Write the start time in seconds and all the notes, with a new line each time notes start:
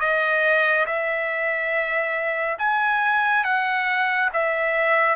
0.00 D#5
0.86 E5
2.58 G#5
3.44 F#5
4.33 E5